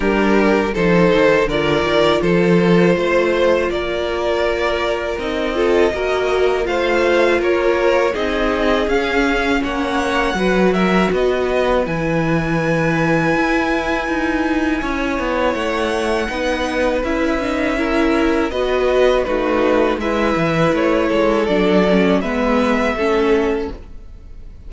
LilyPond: <<
  \new Staff \with { instrumentName = "violin" } { \time 4/4 \tempo 4 = 81 ais'4 c''4 d''4 c''4~ | c''4 d''2 dis''4~ | dis''4 f''4 cis''4 dis''4 | f''4 fis''4. e''8 dis''4 |
gis''1~ | gis''4 fis''2 e''4~ | e''4 dis''4 b'4 e''4 | cis''4 d''4 e''2 | }
  \new Staff \with { instrumentName = "violin" } { \time 4/4 g'4 a'4 ais'4 a'4 | c''4 ais'2~ ais'8 a'8 | ais'4 c''4 ais'4 gis'4~ | gis'4 cis''4 b'8 ais'8 b'4~ |
b'1 | cis''2 b'2 | ais'4 b'4 fis'4 b'4~ | b'8 a'4. b'4 a'4 | }
  \new Staff \with { instrumentName = "viola" } { \time 4/4 d'4 dis'4 f'2~ | f'2. dis'8 f'8 | fis'4 f'2 dis'4 | cis'2 fis'2 |
e'1~ | e'2 dis'4 e'8 dis'8 | e'4 fis'4 dis'4 e'4~ | e'4 d'8 cis'8 b4 cis'4 | }
  \new Staff \with { instrumentName = "cello" } { \time 4/4 g4 f8 dis8 d8 dis8 f4 | a4 ais2 c'4 | ais4 a4 ais4 c'4 | cis'4 ais4 fis4 b4 |
e2 e'4 dis'4 | cis'8 b8 a4 b4 cis'4~ | cis'4 b4 a4 gis8 e8 | a8 gis8 fis4 gis4 a4 | }
>>